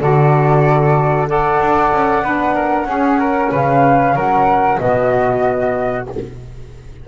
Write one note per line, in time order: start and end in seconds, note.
0.00 1.60 D3
0.00 1.28 F#4
0.00 1.29 A4
0.00 1.28 D5
1.28 2.24 A4
1.28 2.24 D5
1.28 3.53 F#5
1.60 1.92 D4
1.93 2.22 C#4
2.22 2.85 B3
2.22 2.87 D4
2.22 2.55 B4
2.55 2.87 A#4
2.85 3.49 C#4
2.85 4.78 C#4
2.85 3.19 G#4
3.19 3.51 A#4
3.51 4.15 C#3
3.51 4.15 B4
3.51 4.17 F5
4.15 4.79 F#3
4.15 4.79 A#4
4.15 4.79 F#5
4.79 6.09 B2
4.79 6.07 B3
4.79 6.08 F#4
4.79 6.07 D#5